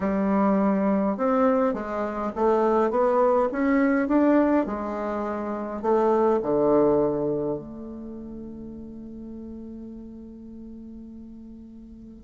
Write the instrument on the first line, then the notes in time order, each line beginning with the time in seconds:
bassoon
0.00 G3
1.17 C4
1.73 G#3
2.35 A3
2.90 B3
3.51 C#4
4.08 D4
4.66 G#3
5.81 A3
6.42 D3
7.58 A3